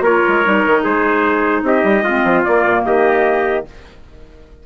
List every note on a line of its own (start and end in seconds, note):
0.00 0.20 A#3
0.00 0.44 F4
0.00 0.83 A#4
0.00 0.84 C#5
0.28 0.45 G#3
0.44 0.65 G3
0.44 2.04 D#4
0.66 0.85 D#3
0.83 1.62 G#3
0.83 1.63 G#4
0.83 1.64 C5
1.62 1.82 C4
1.62 2.03 G4
1.62 2.43 D#5
1.83 2.02 G3
2.02 2.22 G#3
2.02 2.45 C4
2.02 2.83 F4
2.24 2.44 F3
2.43 3.65 A#3
2.43 2.64 A#3
2.43 2.83 D5
2.64 2.84 A#2
2.85 3.65 D#3
2.85 3.66 G4
2.85 3.65 D#5